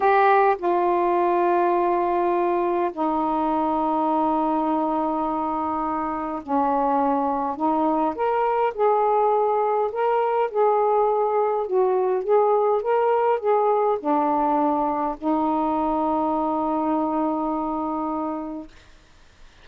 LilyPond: \new Staff \with { instrumentName = "saxophone" } { \time 4/4 \tempo 4 = 103 g'4 f'2.~ | f'4 dis'2.~ | dis'2. cis'4~ | cis'4 dis'4 ais'4 gis'4~ |
gis'4 ais'4 gis'2 | fis'4 gis'4 ais'4 gis'4 | d'2 dis'2~ | dis'1 | }